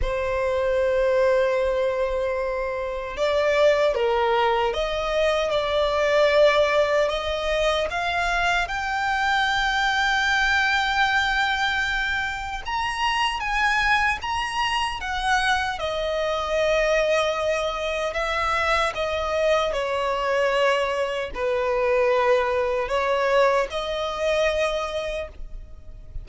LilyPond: \new Staff \with { instrumentName = "violin" } { \time 4/4 \tempo 4 = 76 c''1 | d''4 ais'4 dis''4 d''4~ | d''4 dis''4 f''4 g''4~ | g''1 |
ais''4 gis''4 ais''4 fis''4 | dis''2. e''4 | dis''4 cis''2 b'4~ | b'4 cis''4 dis''2 | }